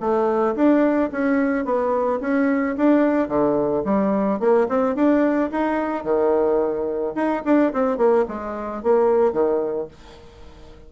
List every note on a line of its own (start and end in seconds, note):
0.00 0.55 A3
0.55 1.10 D4
1.12 1.65 C#4
1.65 2.20 B3
2.21 2.76 C#4
2.77 3.28 D4
3.28 3.83 D3
3.85 4.40 G3
4.40 4.67 A#3
4.69 4.95 C4
4.95 5.50 D4
5.51 6.04 D#4
6.04 7.14 D#3
7.15 7.42 D#4
7.45 7.73 D4
7.73 7.97 C4
7.97 8.25 A#3
8.28 8.83 G#3
8.83 9.33 A#3
9.33 9.88 D#3